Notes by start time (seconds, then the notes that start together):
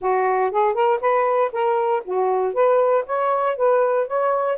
0.01 F#4
0.51 G#4
0.74 A#4
1.00 B4
1.52 A#4
2.04 F#4
2.53 B4
3.06 C#5
3.56 B4
4.07 C#5